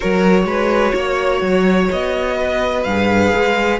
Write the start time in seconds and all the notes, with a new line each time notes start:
0.00 F#3 F#4 A#4 C#5
0.44 G#3 B4
0.94 A#3 C#5
1.41 F#3
1.91 B3 D#5
2.36 B4
2.83 G2 G#4 F5
3.35 G#3